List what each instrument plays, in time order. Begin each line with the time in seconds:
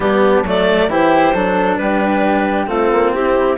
0.00 bassoon G3, cello B3, flute D4, clarinet G4
0.42 bassoon F#3, cello A3, clarinet D5
0.87 bassoon E3, cello E4, flute G4, clarinet C5
1.34 bassoon F#3, cello D4, flute A4
1.76 bassoon G3, flute G4, clarinet B4
2.66 bassoon A3, cello C4, flute F4, clarinet A4
2.92 bassoon A#3
3.13 bassoon C4, flute E4, clarinet G4